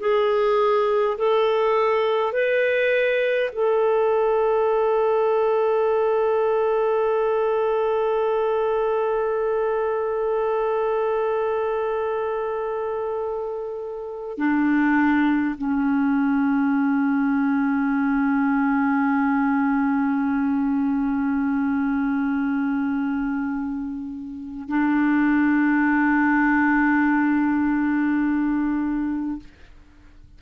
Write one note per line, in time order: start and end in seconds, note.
0.00 1.18 G#4
1.18 2.33 A4
2.33 3.50 B4
3.52 14.38 A4
14.38 15.56 D4
15.58 24.69 C#4
24.69 29.40 D4